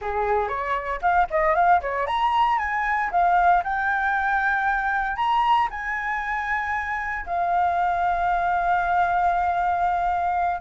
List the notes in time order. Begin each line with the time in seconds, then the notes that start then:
0.01 G#4
0.48 C#5
1.01 F5
1.30 D#5
1.54 F5
1.81 C#5
2.06 A#5
2.58 G#5
3.11 F5
3.63 G5
5.16 A#5
5.70 G#5
7.26 F5